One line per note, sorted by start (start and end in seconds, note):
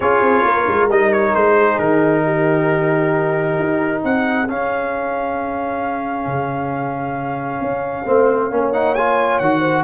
0.00 0.21 C#4
0.00 0.90 F4
0.00 0.43 G#4
0.00 0.89 C#5
0.21 0.43 C4
0.43 0.66 A#3
0.43 1.55 A#4
0.67 0.88 G#3
0.88 1.33 G3
0.88 4.48 D#4
0.88 1.12 D#5
1.12 1.34 C#5
1.34 1.79 G#3
1.34 1.78 C5
1.56 2.23 G#4
1.78 3.58 D#3
1.78 4.02 A#4
2.25 4.03 G4
3.59 4.04 D#4
4.03 4.48 C4
4.03 8.05 G#4
4.03 4.49 F#5
4.48 6.27 C#4
4.48 8.06 C#4
4.48 8.72 F5
6.27 7.61 C#3
7.61 8.06 C#4
8.05 8.51 A3
8.05 8.50 C4
8.05 8.50 C5
8.50 9.40 A#3
8.50 8.73 C#4
8.50 9.59 C#5
8.72 8.95 D#4
8.72 8.94 F#5
8.94 9.42 F4
8.94 9.39 G#5
9.39 9.84 D#3
9.39 9.84 F#4
9.39 9.84 F#5
9.59 9.82 C5